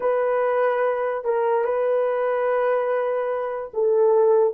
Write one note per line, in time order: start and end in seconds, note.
0.00 1.24 B4
1.24 1.64 A#4
1.64 3.71 B4
3.73 4.54 A4